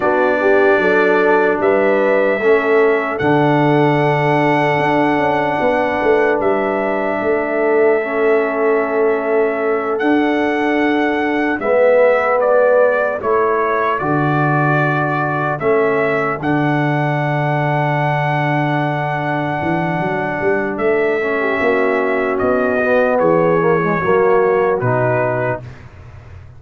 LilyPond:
<<
  \new Staff \with { instrumentName = "trumpet" } { \time 4/4 \tempo 4 = 75 d''2 e''2 | fis''1 | e''1~ | e''8 fis''2 e''4 d''8~ |
d''8 cis''4 d''2 e''8~ | e''8 fis''2.~ fis''8~ | fis''2 e''2 | dis''4 cis''2 b'4 | }
  \new Staff \with { instrumentName = "horn" } { \time 4/4 fis'8 g'8 a'4 b'4 a'4~ | a'2. b'4~ | b'4 a'2.~ | a'2~ a'8 b'4.~ |
b'8 a'2.~ a'8~ | a'1~ | a'2~ a'8. g'16 fis'4~ | fis'4 gis'4 fis'2 | }
  \new Staff \with { instrumentName = "trombone" } { \time 4/4 d'2. cis'4 | d'1~ | d'2 cis'2~ | cis'8 d'2 b4.~ |
b8 e'4 fis'2 cis'8~ | cis'8 d'2.~ d'8~ | d'2~ d'8 cis'4.~ | cis'8 b4 ais16 gis16 ais4 dis'4 | }
  \new Staff \with { instrumentName = "tuba" } { \time 4/4 b4 fis4 g4 a4 | d2 d'8 cis'8 b8 a8 | g4 a2.~ | a8 d'2 gis4.~ |
gis8 a4 d2 a8~ | a8 d2.~ d8~ | d8 e8 fis8 g8 a4 ais4 | b4 e4 fis4 b,4 | }
>>